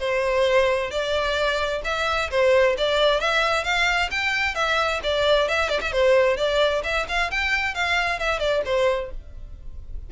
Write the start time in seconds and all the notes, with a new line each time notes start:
0.00 C5
0.91 D5
1.85 E5
2.31 C5
2.78 D5
3.20 E5
3.64 F5
4.11 G5
4.55 E5
5.03 D5
5.49 E5
5.69 D5
5.81 E5
5.92 C5
6.37 D5
6.84 E5
7.09 F5
7.31 G5
7.75 F5
8.20 E5
8.39 D5
8.65 C5